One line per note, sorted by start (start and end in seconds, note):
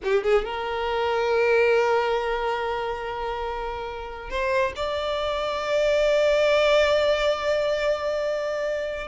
0.03 0.23 G4
0.23 0.44 G#4
0.45 4.29 A#4
4.29 4.73 C5
4.76 9.07 D5